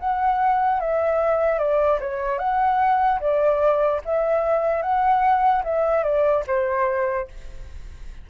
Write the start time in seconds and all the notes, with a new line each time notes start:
0.00 F#5
0.80 E5
1.59 D5
2.00 C#5
2.39 F#5
3.20 D5
4.05 E5
4.82 F#5
5.64 E5
6.04 D5
6.47 C5